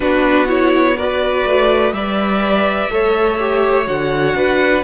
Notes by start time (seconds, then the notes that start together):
0.00 B3 D4 F#4 B4
0.47 E4 C#5
0.97 F#4 B4 D5
1.45 A3
1.92 G3 B4 D5 E5
2.90 A3 A4 C#5
3.39 G4
3.84 D3 F#4 F#5
4.35 D4 B4